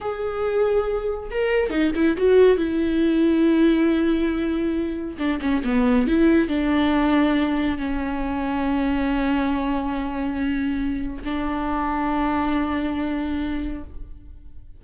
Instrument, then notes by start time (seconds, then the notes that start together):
viola
0.00 G#4
1.30 A#4
1.70 D#4
1.95 E4
2.17 F#4
2.57 E4
5.18 D4
5.41 C#4
5.64 B3
6.07 E4
6.48 D4
7.77 C#4
11.24 D4